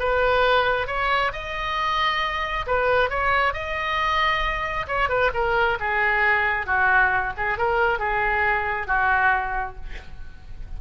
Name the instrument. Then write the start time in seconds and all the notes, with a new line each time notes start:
oboe
0.00 B4
0.87 C#5
1.33 D#5
2.67 B4
3.10 C#5
3.54 D#5
4.88 C#5
5.09 B4
5.34 A#4
5.80 G#4
6.67 F#4
7.37 G#4
7.58 A#4
7.99 G#4
8.87 F#4